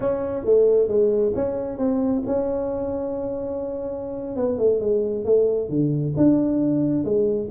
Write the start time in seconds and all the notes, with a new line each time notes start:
0.00 C#4
0.45 A3
0.88 G#3
1.35 C#4
1.78 C4
2.26 C#4
4.36 B3
4.58 A3
4.80 G#3
5.24 A3
5.69 D3
6.16 D4
7.04 G#3